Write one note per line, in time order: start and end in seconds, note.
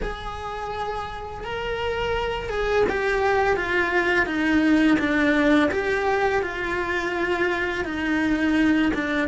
0.02 1.44 G#4
1.44 2.49 A#4
2.49 2.85 G#4
2.89 3.56 G4
3.56 4.26 F4
4.26 4.97 D#4
4.98 5.69 D4
5.71 6.42 G4
6.42 7.84 F4
7.84 8.92 D#4
8.94 9.28 D4